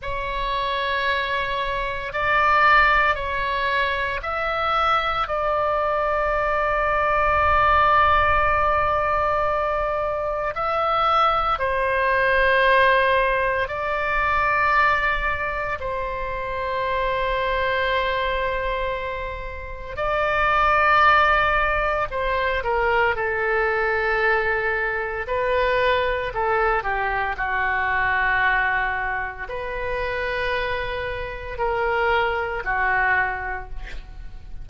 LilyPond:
\new Staff \with { instrumentName = "oboe" } { \time 4/4 \tempo 4 = 57 cis''2 d''4 cis''4 | e''4 d''2.~ | d''2 e''4 c''4~ | c''4 d''2 c''4~ |
c''2. d''4~ | d''4 c''8 ais'8 a'2 | b'4 a'8 g'8 fis'2 | b'2 ais'4 fis'4 | }